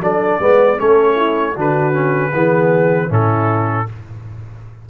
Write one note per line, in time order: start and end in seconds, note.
0.00 0.38 F#3
0.00 0.41 D4
0.00 0.41 A4
0.00 0.79 D5
0.40 0.78 G#3
0.40 0.78 B3
0.40 0.80 B4
0.78 1.56 A3
0.78 1.54 C#4
0.78 1.16 A4
0.78 1.56 C#5
1.16 1.54 E4
1.55 2.33 D3
1.55 1.93 D4
1.55 2.32 F#4
1.55 3.13 B4
1.93 2.31 C#4
2.33 3.10 E3
2.33 3.09 B3
2.33 3.10 G#4
3.09 3.87 A2
3.09 3.86 C#4
3.09 3.87 E4
3.09 3.90 A4